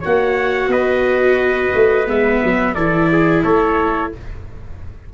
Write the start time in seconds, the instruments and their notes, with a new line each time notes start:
0.00 tuba A#3, viola F#4, trumpet C#5 F#5
0.68 tuba B3, trumpet B4 D#5
1.75 tuba A3
2.07 tuba G#3, viola B3, trumpet E5
2.44 tuba F#3
2.74 tuba E3, viola E4, trumpet A4 D5
3.12 trumpet G#4
3.43 tuba A3, trumpet A4 C#5